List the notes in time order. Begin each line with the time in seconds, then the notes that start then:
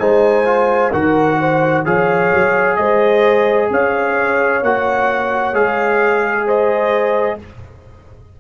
0.00 G#3 D#4 C5 G#5
0.45 F4
0.92 D#3 F#4 A#4 F#5
1.39 C5
1.85 F3 G#4 C#5 F5
2.33 F#3
2.77 G#3 C5 D#5
3.71 C#4 C#5 F5
4.63 A#3 F#4 F#5
5.54 G#3 G#4 F5
6.46 C5 D#5